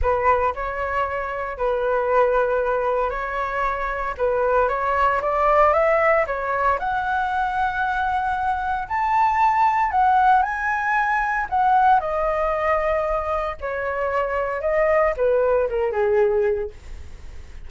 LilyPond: \new Staff \with { instrumentName = "flute" } { \time 4/4 \tempo 4 = 115 b'4 cis''2 b'4~ | b'2 cis''2 | b'4 cis''4 d''4 e''4 | cis''4 fis''2.~ |
fis''4 a''2 fis''4 | gis''2 fis''4 dis''4~ | dis''2 cis''2 | dis''4 b'4 ais'8 gis'4. | }